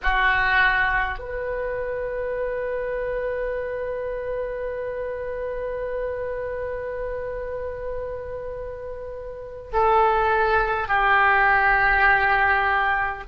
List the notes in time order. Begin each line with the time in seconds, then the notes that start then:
0.02 F#4
1.18 B4
9.72 A4
10.88 G4